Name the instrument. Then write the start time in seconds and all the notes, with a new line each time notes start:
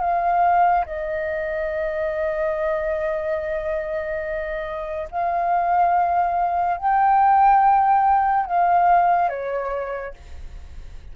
flute
0.00 F5
0.86 D#5
5.10 F5
6.77 G5
8.46 F5
9.29 C#5